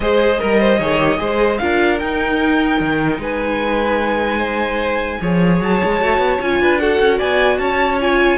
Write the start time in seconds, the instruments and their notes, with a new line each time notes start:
0.00 cello G#3, viola G#4, violin C5 D#5
0.39 cello G3, viola A#4, violin A#4
0.59 violin C5
0.78 cello D#3, viola G#4, violin C#5
0.99 viola G4
1.17 cello G#3, viola G#4, violin C5
1.58 cello D4, viola F4, violin A#4 F5
1.99 cello D#4, viola D#4, violin G5
2.80 cello D#3
3.18 cello G#3, violin B4 G#5
4.38 violin C5
5.20 cello F3, viola G#4, violin C#5
5.61 cello F#3, violin A5
5.83 cello G#3
6.00 cello A3, viola F#4
6.18 cello B3
6.41 cello C#4, viola F4, violin G#5
6.59 cello D4, violin B4
6.79 viola F#4, violin A4 F#5
6.99 cello C#4
7.18 cello B3, violin D5 G#5
7.58 cello C#4, violin C#5 A5
8.00 viola F4, violin G#5